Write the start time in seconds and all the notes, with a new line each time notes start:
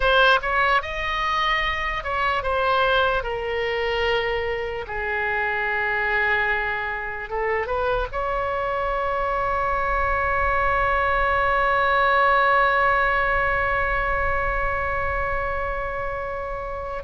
0.00 C5
0.42 C#5
0.81 D#5
2.03 C#5
2.43 C5
3.23 A#4
4.86 G#4
7.29 A4
7.66 B4
8.12 C#5